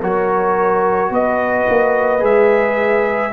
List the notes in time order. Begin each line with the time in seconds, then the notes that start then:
0.00 F#3 F#4 A#4 C#5
1.11 B3 B4 D#5
1.69 A#3
2.20 G#3 G#4 E5